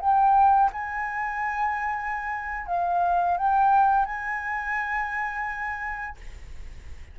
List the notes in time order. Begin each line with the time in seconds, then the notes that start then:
0.00 G5
0.73 G#5
2.67 F5
3.37 G5
4.05 G#5